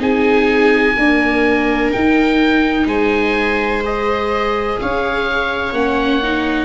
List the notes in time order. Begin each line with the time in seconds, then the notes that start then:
0.00 C4 D#4 G#4 G#5
0.97 A#3 D4 A#4
1.91 D#4 G5
2.87 G#3 C5 G#5
3.84 G#4 D#5
4.80 C#4 C#5 F5
5.73 A#3 C#4 F#5
6.23 D#4